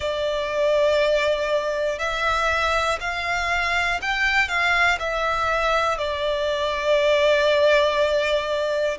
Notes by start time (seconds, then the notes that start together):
0.00 D5
1.99 E5
3.00 F5
4.01 G5
4.48 F5
4.99 E5
5.98 D5